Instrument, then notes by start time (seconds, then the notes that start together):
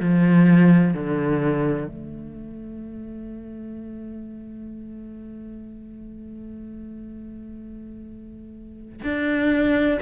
cello
0.00 F3
0.94 D3
1.87 A3
9.04 D4